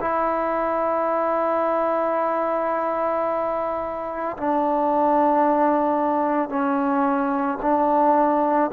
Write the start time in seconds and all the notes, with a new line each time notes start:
0.00 E4
4.37 D4
6.49 C#4
7.62 D4